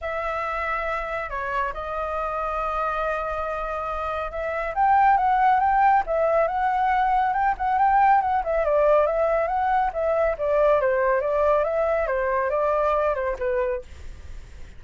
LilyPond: \new Staff \with { instrumentName = "flute" } { \time 4/4 \tempo 4 = 139 e''2. cis''4 | dis''1~ | dis''2 e''4 g''4 | fis''4 g''4 e''4 fis''4~ |
fis''4 g''8 fis''8 g''4 fis''8 e''8 | d''4 e''4 fis''4 e''4 | d''4 c''4 d''4 e''4 | c''4 d''4. c''8 b'4 | }